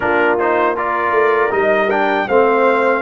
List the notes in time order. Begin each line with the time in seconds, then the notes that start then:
0.00 A#3 D4 F4 A#4
0.38 D#4 C5
0.74 F4 A#4 D5
1.11 A3
1.50 G3 D#4 D#5
1.90 D4 G5
2.27 A3 C4 C5 F5